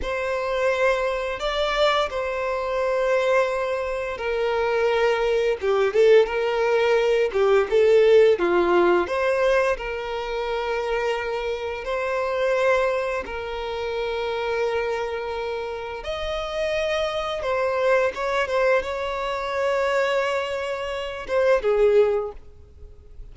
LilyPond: \new Staff \with { instrumentName = "violin" } { \time 4/4 \tempo 4 = 86 c''2 d''4 c''4~ | c''2 ais'2 | g'8 a'8 ais'4. g'8 a'4 | f'4 c''4 ais'2~ |
ais'4 c''2 ais'4~ | ais'2. dis''4~ | dis''4 c''4 cis''8 c''8 cis''4~ | cis''2~ cis''8 c''8 gis'4 | }